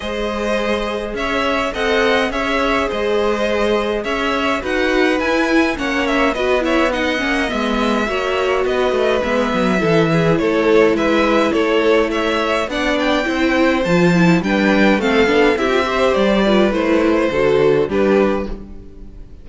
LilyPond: <<
  \new Staff \with { instrumentName = "violin" } { \time 4/4 \tempo 4 = 104 dis''2 e''4 fis''4 | e''4 dis''2 e''4 | fis''4 gis''4 fis''8 e''8 dis''8 e''8 | fis''4 e''2 dis''4 |
e''2 cis''4 e''4 | cis''4 e''4 fis''8 g''4. | a''4 g''4 f''4 e''4 | d''4 c''2 b'4 | }
  \new Staff \with { instrumentName = "violin" } { \time 4/4 c''2 cis''4 dis''4 | cis''4 c''2 cis''4 | b'2 cis''4 b'8 cis''8 | dis''2 cis''4 b'4~ |
b'4 a'8 gis'8 a'4 b'4 | a'4 cis''4 d''4 c''4~ | c''4 b'4 a'4 g'8 c''8~ | c''8 b'4. a'4 g'4 | }
  \new Staff \with { instrumentName = "viola" } { \time 4/4 gis'2. a'4 | gis'1 | fis'4 e'4 cis'4 fis'8 e'8 | dis'8 cis'8 b4 fis'2 |
b4 e'2.~ | e'2 d'4 e'4 | f'8 e'8 d'4 c'8 d'8 e'16 f'16 g'8~ | g'8 f'8 e'4 fis'4 d'4 | }
  \new Staff \with { instrumentName = "cello" } { \time 4/4 gis2 cis'4 c'4 | cis'4 gis2 cis'4 | dis'4 e'4 ais4 b4~ | b8 ais8 gis4 ais4 b8 a8 |
gis8 fis8 e4 a4 gis4 | a2 b4 c'4 | f4 g4 a8 b8 c'4 | g4 a4 d4 g4 | }
>>